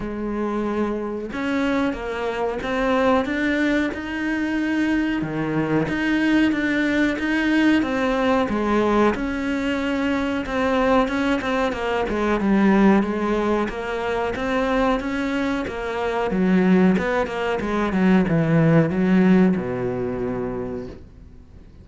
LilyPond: \new Staff \with { instrumentName = "cello" } { \time 4/4 \tempo 4 = 92 gis2 cis'4 ais4 | c'4 d'4 dis'2 | dis4 dis'4 d'4 dis'4 | c'4 gis4 cis'2 |
c'4 cis'8 c'8 ais8 gis8 g4 | gis4 ais4 c'4 cis'4 | ais4 fis4 b8 ais8 gis8 fis8 | e4 fis4 b,2 | }